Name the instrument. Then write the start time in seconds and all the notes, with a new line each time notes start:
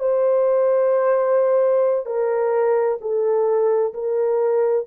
horn
0.00 C5
2.06 A#4
3.01 A4
3.94 A#4